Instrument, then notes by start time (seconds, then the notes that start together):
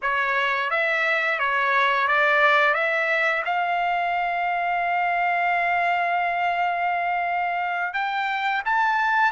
trumpet
0.02 C#5
0.70 E5
1.39 C#5
2.07 D5
2.74 E5
3.45 F5
7.93 G5
8.65 A5